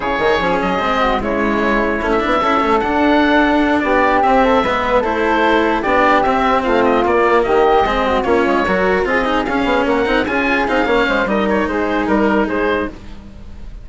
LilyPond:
<<
  \new Staff \with { instrumentName = "oboe" } { \time 4/4 \tempo 4 = 149 cis''4. dis''4. cis''4~ | cis''4~ cis''16 e''4.~ e''16 fis''4~ | fis''4. d''4 e''4.~ | e''8 c''2 d''4 e''8~ |
e''8 f''8 dis''8 d''4 dis''4.~ | dis''8 cis''2 dis''4 f''8~ | f''8 fis''4 gis''4 f''4. | dis''8 cis''8 c''4 ais'4 c''4 | }
  \new Staff \with { instrumentName = "flute" } { \time 4/4 gis'2~ gis'8 fis'8 e'4~ | e'2 a'2~ | a'4. g'4. a'8 b'8~ | b'8 a'2 g'4.~ |
g'8 f'2 g'4 gis'8 | fis'8 f'4 ais'4 gis'4.~ | gis'8 ais'4 gis'4. cis''8 c''8 | ais'4 gis'4 ais'4 gis'4 | }
  \new Staff \with { instrumentName = "cello" } { \time 4/4 e'8 dis'8 cis'4 c'4 gis4~ | gis4 cis'8 d'8 e'8 cis'8 d'4~ | d'2~ d'8 c'4 b8~ | b8 e'2 d'4 c'8~ |
c'4. ais2 c'8~ | c'8 cis'4 fis'4 f'8 dis'8 cis'8~ | cis'4 dis'8 f'4 dis'8 cis'4 | dis'1 | }
  \new Staff \with { instrumentName = "bassoon" } { \time 4/4 cis8 dis8 f8 fis8 gis4 cis4~ | cis4 a8 b8 cis'8 a8 d'4~ | d'4. b4 c'4 gis8~ | gis8 a2 b4 c'8~ |
c'8 a4 ais4 dis4 gis8~ | gis8 ais8 gis8 fis4 c'4 cis'8 | b8 ais8 c'8 cis'4 c'8 ais8 gis8 | g4 gis4 g4 gis4 | }
>>